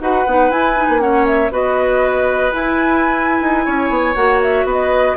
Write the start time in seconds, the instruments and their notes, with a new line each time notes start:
0.00 bassoon D#4, clarinet F#4, oboe B4, flute F#5
0.26 bassoon B3, clarinet D#4
0.50 bassoon E4, clarinet E4, flute G#5
0.76 clarinet D#4
0.88 bassoon A#3
0.99 clarinet C#4, oboe C#5, flute F#5
1.26 flute E5
1.51 bassoon B3, clarinet F#4, oboe B4, flute D#5
2.52 clarinet E4, bassoon E4, flute G#5
3.41 bassoon D#4
3.65 bassoon C#4, oboe C#5
3.90 bassoon B3
4.15 bassoon A#3, clarinet F#4, flute F#5
4.42 flute E5
4.64 bassoon B3, oboe B4
4.72 flute D#5